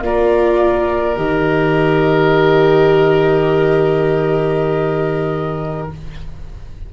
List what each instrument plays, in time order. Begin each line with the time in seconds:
0.00 tuba A#3, viola F4, oboe A#4, flute D5
1.16 tuba D#3, viola G4, flute D#5